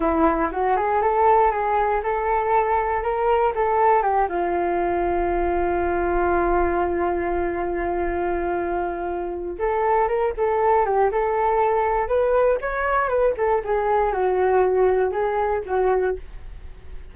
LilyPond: \new Staff \with { instrumentName = "flute" } { \time 4/4 \tempo 4 = 119 e'4 fis'8 gis'8 a'4 gis'4 | a'2 ais'4 a'4 | g'8 f'2.~ f'8~ | f'1~ |
f'2. a'4 | ais'8 a'4 g'8 a'2 | b'4 cis''4 b'8 a'8 gis'4 | fis'2 gis'4 fis'4 | }